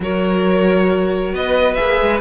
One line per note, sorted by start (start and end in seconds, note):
0.00 1.32 F#3
0.00 1.77 F#4
0.00 1.33 A#4
0.00 1.35 C#5
1.32 1.77 B3
1.32 2.21 B4
1.32 1.74 D#5
1.74 2.01 A#3
1.74 2.21 G#4
1.74 2.19 E5
2.01 2.21 G#3